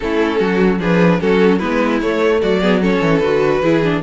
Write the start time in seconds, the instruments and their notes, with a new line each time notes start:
0.00 cello A3, viola C#4, violin E4 A4
0.38 cello F#3, violin F#4
0.79 cello F3, viola D4, violin G#4 B4
1.19 cello F#3, viola C#4, violin F#4 A4
1.58 cello G#3, viola B3, violin E4 B4
2.01 cello A3, viola A3, violin C#5
2.41 cello F#3, violin F#4 D5
2.60 viola B3, violin G#4
2.80 viola C#4, violin A4 C#5
3.01 cello E3
3.18 cello D3, viola F#4, violin B4
3.61 cello E3, viola E4, violin G#4
3.83 viola D4